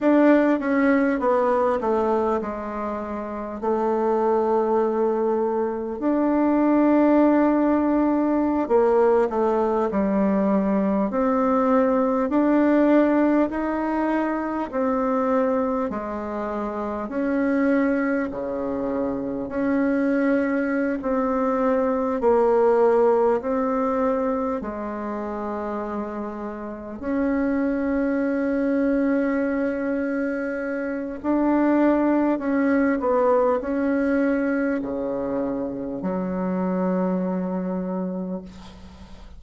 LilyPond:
\new Staff \with { instrumentName = "bassoon" } { \time 4/4 \tempo 4 = 50 d'8 cis'8 b8 a8 gis4 a4~ | a4 d'2~ d'16 ais8 a16~ | a16 g4 c'4 d'4 dis'8.~ | dis'16 c'4 gis4 cis'4 cis8.~ |
cis16 cis'4~ cis'16 c'4 ais4 c'8~ | c'8 gis2 cis'4.~ | cis'2 d'4 cis'8 b8 | cis'4 cis4 fis2 | }